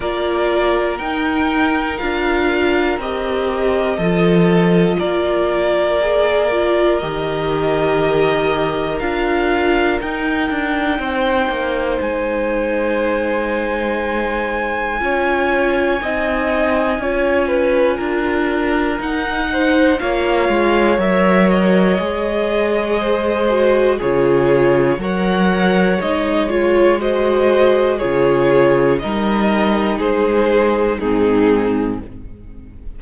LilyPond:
<<
  \new Staff \with { instrumentName = "violin" } { \time 4/4 \tempo 4 = 60 d''4 g''4 f''4 dis''4~ | dis''4 d''2 dis''4~ | dis''4 f''4 g''2 | gis''1~ |
gis''2. fis''4 | f''4 e''8 dis''2~ dis''8 | cis''4 fis''4 dis''8 cis''8 dis''4 | cis''4 dis''4 c''4 gis'4 | }
  \new Staff \with { instrumentName = "violin" } { \time 4/4 ais'1 | a'4 ais'2.~ | ais'2. c''4~ | c''2. cis''4 |
dis''4 cis''8 b'8 ais'4. c''8 | cis''2. c''4 | gis'4 cis''2 c''4 | gis'4 ais'4 gis'4 dis'4 | }
  \new Staff \with { instrumentName = "viola" } { \time 4/4 f'4 dis'4 f'4 g'4 | f'2 gis'8 f'8 g'4~ | g'4 f'4 dis'2~ | dis'2. f'4 |
dis'4 f'2 dis'4 | f'4 ais'4 gis'4. fis'8 | f'4 ais'4 dis'8 f'8 fis'4 | f'4 dis'2 c'4 | }
  \new Staff \with { instrumentName = "cello" } { \time 4/4 ais4 dis'4 d'4 c'4 | f4 ais2 dis4~ | dis4 d'4 dis'8 d'8 c'8 ais8 | gis2. cis'4 |
c'4 cis'4 d'4 dis'4 | ais8 gis8 fis4 gis2 | cis4 fis4 gis2 | cis4 g4 gis4 gis,4 | }
>>